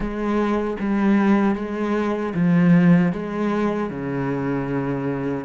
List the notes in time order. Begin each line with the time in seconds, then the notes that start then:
0.00 G#3
0.79 G3
1.55 G#3
2.34 F3
3.12 G#3
3.90 C#3